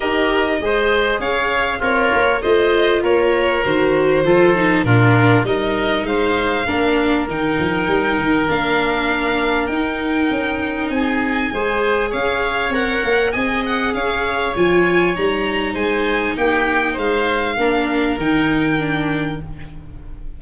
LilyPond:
<<
  \new Staff \with { instrumentName = "violin" } { \time 4/4 \tempo 4 = 99 dis''2 f''4 cis''4 | dis''4 cis''4 c''2 | ais'4 dis''4 f''2 | g''2 f''2 |
g''2 gis''2 | f''4 fis''4 gis''8 fis''8 f''4 | gis''4 ais''4 gis''4 g''4 | f''2 g''2 | }
  \new Staff \with { instrumentName = "oboe" } { \time 4/4 ais'4 c''4 cis''4 f'4 | c''4 ais'2 a'4 | f'4 ais'4 c''4 ais'4~ | ais'1~ |
ais'2 gis'4 c''4 | cis''2 dis''4 cis''4~ | cis''2 c''4 g'4 | c''4 ais'2. | }
  \new Staff \with { instrumentName = "viola" } { \time 4/4 g'4 gis'2 ais'4 | f'2 fis'4 f'8 dis'8 | d'4 dis'2 d'4 | dis'2 d'2 |
dis'2. gis'4~ | gis'4 ais'4 gis'2 | f'4 dis'2.~ | dis'4 d'4 dis'4 d'4 | }
  \new Staff \with { instrumentName = "tuba" } { \time 4/4 dis'4 gis4 cis'4 c'8 ais8 | a4 ais4 dis4 f4 | ais,4 g4 gis4 ais4 | dis8 f8 g8 dis8 ais2 |
dis'4 cis'4 c'4 gis4 | cis'4 c'8 ais8 c'4 cis'4 | f4 g4 gis4 ais4 | gis4 ais4 dis2 | }
>>